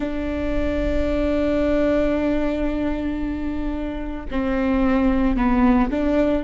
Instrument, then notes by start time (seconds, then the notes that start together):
viola
0.00 D4
4.31 C4
5.36 B3
5.90 D4